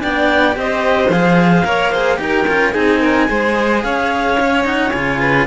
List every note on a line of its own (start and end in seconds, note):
0.00 0.56 B3
0.00 0.52 D4
0.00 0.57 D5
0.00 0.57 G5
0.52 1.08 C4
0.52 1.07 G4
0.52 1.11 D#5
0.59 1.66 C5
1.08 1.62 F3
1.08 1.65 G#4
1.08 2.20 F5
1.65 2.19 A#3
1.65 1.92 A#4
1.65 1.91 C#5
1.91 2.17 G#4
1.91 2.18 C5
2.17 2.46 D#4
2.17 2.44 G4
2.17 2.74 A#4
2.17 2.73 G5
2.47 2.75 C#4
2.47 2.73 F4
2.73 3.29 C4
2.73 3.28 D#4
2.73 3.00 G#4
2.73 3.82 G#5
3.00 3.27 A#4
3.28 3.84 G#3
3.28 4.37 G#4
3.28 3.84 C5
3.82 4.93 C#4
3.82 5.20 C#5
3.82 4.64 F5
4.40 4.64 C#4
4.64 4.91 D#4
4.64 4.91 F#5
4.91 5.46 C#3
4.91 5.46 F4
4.91 5.46 G#5
5.20 5.46 B4